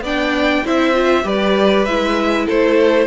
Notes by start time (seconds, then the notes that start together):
0.00 B3 D4 D5 G5
0.64 C4 E4 C5 E5
0.93 F4
1.23 G3 G4 B4 D5
1.85 G#3 E4 E5
2.45 A3 A4 C5